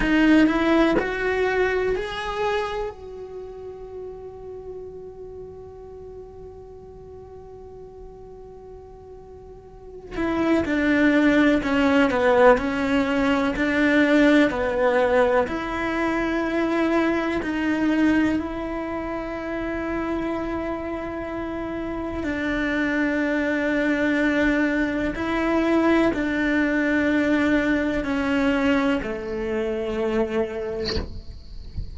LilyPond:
\new Staff \with { instrumentName = "cello" } { \time 4/4 \tempo 4 = 62 dis'8 e'8 fis'4 gis'4 fis'4~ | fis'1~ | fis'2~ fis'8 e'8 d'4 | cis'8 b8 cis'4 d'4 b4 |
e'2 dis'4 e'4~ | e'2. d'4~ | d'2 e'4 d'4~ | d'4 cis'4 a2 | }